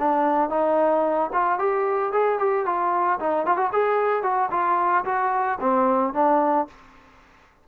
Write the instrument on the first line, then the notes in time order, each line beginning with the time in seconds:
trombone
0.00 D4
0.50 D#4
1.33 F4
1.59 G4
2.13 G#4
2.39 G4
2.66 F4
3.20 D#4
3.47 F4
3.57 F#4
3.73 G#4
4.23 F#4
4.51 F4
5.05 F#4
5.61 C4
6.14 D4